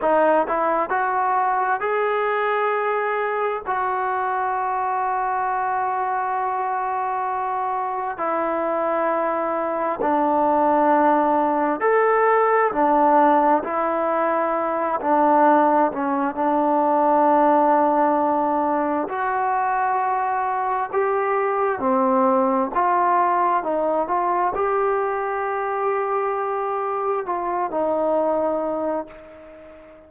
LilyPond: \new Staff \with { instrumentName = "trombone" } { \time 4/4 \tempo 4 = 66 dis'8 e'8 fis'4 gis'2 | fis'1~ | fis'4 e'2 d'4~ | d'4 a'4 d'4 e'4~ |
e'8 d'4 cis'8 d'2~ | d'4 fis'2 g'4 | c'4 f'4 dis'8 f'8 g'4~ | g'2 f'8 dis'4. | }